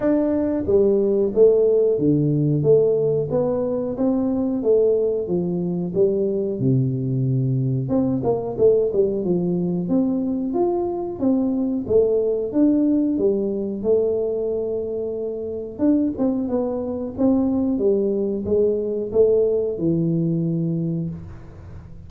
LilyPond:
\new Staff \with { instrumentName = "tuba" } { \time 4/4 \tempo 4 = 91 d'4 g4 a4 d4 | a4 b4 c'4 a4 | f4 g4 c2 | c'8 ais8 a8 g8 f4 c'4 |
f'4 c'4 a4 d'4 | g4 a2. | d'8 c'8 b4 c'4 g4 | gis4 a4 e2 | }